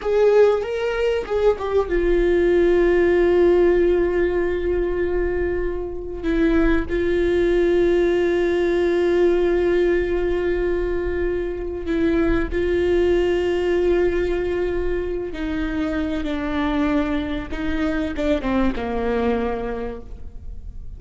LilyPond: \new Staff \with { instrumentName = "viola" } { \time 4/4 \tempo 4 = 96 gis'4 ais'4 gis'8 g'8 f'4~ | f'1~ | f'2 e'4 f'4~ | f'1~ |
f'2. e'4 | f'1~ | f'8 dis'4. d'2 | dis'4 d'8 c'8 ais2 | }